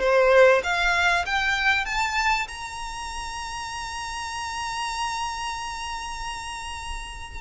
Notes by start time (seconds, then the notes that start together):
0.00 C5
0.64 F5
1.26 G5
1.86 A5
2.48 A#5